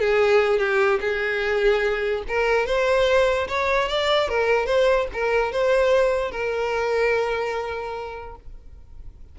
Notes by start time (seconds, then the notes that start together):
0.00 G#4
0.59 G4
1.01 G#4
2.28 A#4
2.66 C5
3.48 C#5
3.89 D5
4.29 A#4
4.66 C5
5.13 A#4
5.52 C5
6.31 A#4